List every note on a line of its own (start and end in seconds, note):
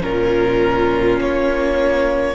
0.00 1.19 A#2
0.00 2.35 C#4
0.00 2.35 F4
0.00 1.20 A#4
1.19 2.35 A#3
1.19 2.35 C#5